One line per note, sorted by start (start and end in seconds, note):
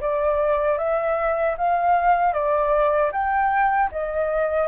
0.00 0.78 D5
0.78 1.55 E5
1.58 2.33 F5
2.33 3.11 D5
3.12 3.90 G5
3.91 4.67 D#5